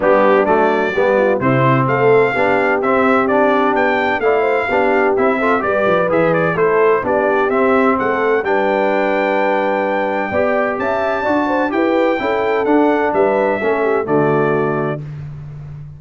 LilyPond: <<
  \new Staff \with { instrumentName = "trumpet" } { \time 4/4 \tempo 4 = 128 g'4 d''2 c''4 | f''2 e''4 d''4 | g''4 f''2 e''4 | d''4 e''8 d''8 c''4 d''4 |
e''4 fis''4 g''2~ | g''2. a''4~ | a''4 g''2 fis''4 | e''2 d''2 | }
  \new Staff \with { instrumentName = "horn" } { \time 4/4 d'2 g'8 f'8 e'4 | a'4 g'2.~ | g'4 d''8 c''8 g'4. a'8 | b'2 a'4 g'4~ |
g'4 a'4 b'2~ | b'2 d''4 e''4 | d''8 c''8 b'4 a'2 | b'4 a'8 g'8 fis'2 | }
  \new Staff \with { instrumentName = "trombone" } { \time 4/4 b4 a4 b4 c'4~ | c'4 d'4 c'4 d'4~ | d'4 e'4 d'4 e'8 f'8 | g'4 gis'4 e'4 d'4 |
c'2 d'2~ | d'2 g'2 | fis'4 g'4 e'4 d'4~ | d'4 cis'4 a2 | }
  \new Staff \with { instrumentName = "tuba" } { \time 4/4 g4 fis4 g4 c4 | a4 b4 c'2 | b4 a4 b4 c'4 | g8 f8 e4 a4 b4 |
c'4 a4 g2~ | g2 b4 cis'4 | d'4 e'4 cis'4 d'4 | g4 a4 d2 | }
>>